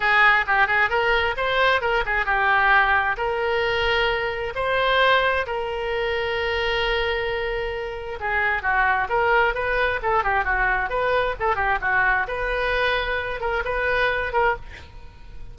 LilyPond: \new Staff \with { instrumentName = "oboe" } { \time 4/4 \tempo 4 = 132 gis'4 g'8 gis'8 ais'4 c''4 | ais'8 gis'8 g'2 ais'4~ | ais'2 c''2 | ais'1~ |
ais'2 gis'4 fis'4 | ais'4 b'4 a'8 g'8 fis'4 | b'4 a'8 g'8 fis'4 b'4~ | b'4. ais'8 b'4. ais'8 | }